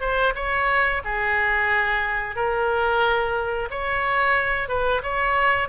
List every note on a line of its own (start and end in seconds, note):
0.00 0.33 C5
0.35 1.02 C#5
1.04 2.35 G#4
2.35 3.69 A#4
3.70 4.68 C#5
4.68 5.01 B4
5.03 5.68 C#5